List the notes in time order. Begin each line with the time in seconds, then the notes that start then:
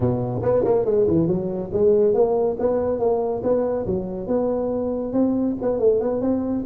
0.00 B2
0.42 B3
0.64 A#3
0.85 G#3
1.07 E3
1.27 F#3
1.72 G#3
2.14 A#3
2.59 B3
2.99 A#3
3.43 B3
3.86 F#3
4.27 B3
5.13 C4
5.61 B3
5.79 A3
6.00 B3
6.21 C4